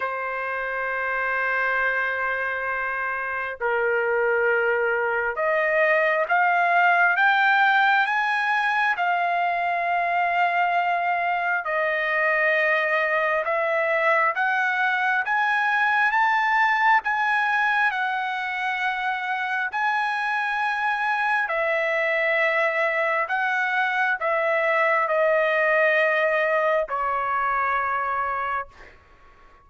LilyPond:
\new Staff \with { instrumentName = "trumpet" } { \time 4/4 \tempo 4 = 67 c''1 | ais'2 dis''4 f''4 | g''4 gis''4 f''2~ | f''4 dis''2 e''4 |
fis''4 gis''4 a''4 gis''4 | fis''2 gis''2 | e''2 fis''4 e''4 | dis''2 cis''2 | }